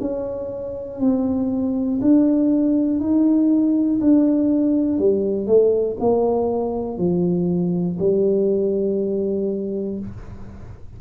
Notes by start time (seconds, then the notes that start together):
0.00 C#4
1.00 C4
2.01 D4
3.00 D#4
4.00 D4
4.99 G3
5.47 A3
6.00 A#3
6.98 F3
7.99 G3